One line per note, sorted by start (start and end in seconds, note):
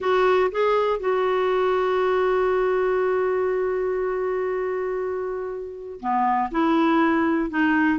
0.00 0.50 F#4
0.51 0.99 G#4
0.99 5.99 F#4
6.00 6.50 B3
6.51 7.50 E4
7.50 7.99 D#4